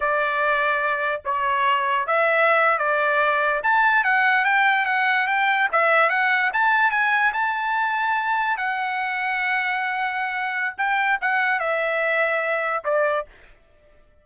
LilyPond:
\new Staff \with { instrumentName = "trumpet" } { \time 4/4 \tempo 4 = 145 d''2. cis''4~ | cis''4 e''4.~ e''16 d''4~ d''16~ | d''8. a''4 fis''4 g''4 fis''16~ | fis''8. g''4 e''4 fis''4 a''16~ |
a''8. gis''4 a''2~ a''16~ | a''8. fis''2.~ fis''16~ | fis''2 g''4 fis''4 | e''2. d''4 | }